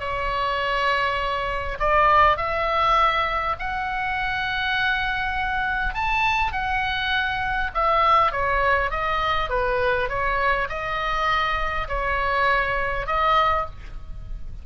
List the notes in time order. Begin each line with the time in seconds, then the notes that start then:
0.00 C#5
1.79 D5
2.37 E5
3.59 F#5
5.94 A5
6.52 F#5
7.74 E5
8.32 C#5
8.91 D#5
9.49 B4
10.09 C#5
10.69 D#5
11.88 C#5
13.06 D#5